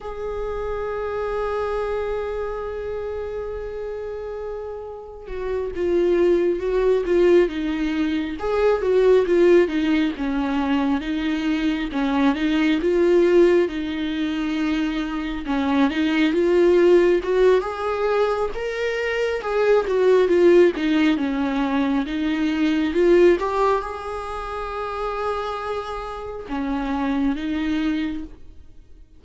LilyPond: \new Staff \with { instrumentName = "viola" } { \time 4/4 \tempo 4 = 68 gis'1~ | gis'2 fis'8 f'4 fis'8 | f'8 dis'4 gis'8 fis'8 f'8 dis'8 cis'8~ | cis'8 dis'4 cis'8 dis'8 f'4 dis'8~ |
dis'4. cis'8 dis'8 f'4 fis'8 | gis'4 ais'4 gis'8 fis'8 f'8 dis'8 | cis'4 dis'4 f'8 g'8 gis'4~ | gis'2 cis'4 dis'4 | }